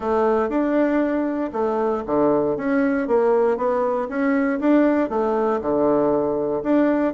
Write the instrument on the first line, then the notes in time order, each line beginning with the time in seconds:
bassoon
0.00 A3
0.49 D4
1.52 A3
2.06 D3
2.56 C#4
3.07 A#3
3.57 B3
4.08 C#4
4.59 D4
5.09 A3
5.61 D3
6.63 D4